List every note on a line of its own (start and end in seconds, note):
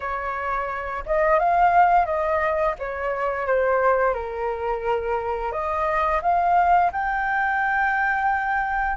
0.00 1.03 C#5
1.05 1.39 D#5
1.39 2.05 F5
2.05 2.74 D#5
2.79 3.47 C#5
3.47 4.14 C5
4.14 5.52 A#4
5.52 6.21 D#5
6.22 6.91 F5
6.92 8.97 G5